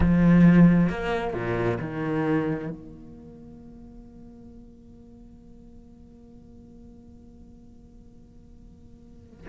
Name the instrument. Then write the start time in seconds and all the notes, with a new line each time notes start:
cello
0.00 F3
0.89 A#3
1.33 A#2
1.80 D#3
2.69 A#3